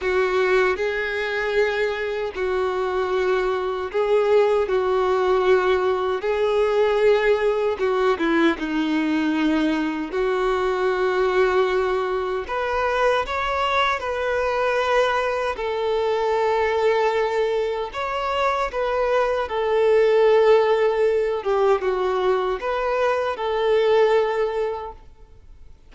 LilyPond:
\new Staff \with { instrumentName = "violin" } { \time 4/4 \tempo 4 = 77 fis'4 gis'2 fis'4~ | fis'4 gis'4 fis'2 | gis'2 fis'8 e'8 dis'4~ | dis'4 fis'2. |
b'4 cis''4 b'2 | a'2. cis''4 | b'4 a'2~ a'8 g'8 | fis'4 b'4 a'2 | }